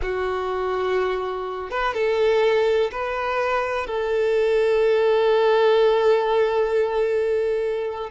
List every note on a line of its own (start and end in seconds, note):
0.01 1.70 F#4
1.70 1.94 B4
1.94 2.90 A4
2.91 3.87 B4
3.87 8.10 A4